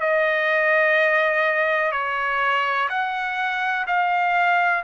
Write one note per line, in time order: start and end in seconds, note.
0.00 1.92 D#5
1.92 2.89 C#5
2.89 3.86 F#5
3.87 4.84 F5